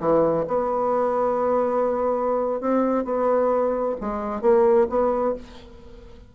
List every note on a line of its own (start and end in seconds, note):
0.00 0.45 E3
0.48 2.61 B3
2.61 3.05 C4
3.05 3.96 B3
4.01 4.42 G#3
4.42 4.87 A#3
4.89 5.35 B3